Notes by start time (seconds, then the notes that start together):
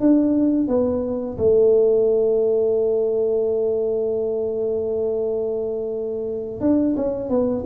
0.00 D4
0.68 B3
1.38 A3
6.61 D4
6.96 C#4
7.29 B3